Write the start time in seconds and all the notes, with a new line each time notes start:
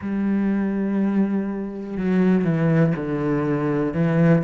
0.01 G3
1.97 F#3
2.44 E3
2.96 D3
3.93 E3